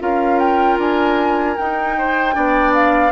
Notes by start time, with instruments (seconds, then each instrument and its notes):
0.00 bassoon C#4, clarinet F4, oboe A#4, flute F5
0.38 flute G5
0.78 bassoon D4, flute G#5
1.56 bassoon D#4, clarinet D#4, flute G5
1.98 oboe C5
2.33 bassoon B3, clarinet D4, oboe D5
2.74 flute F5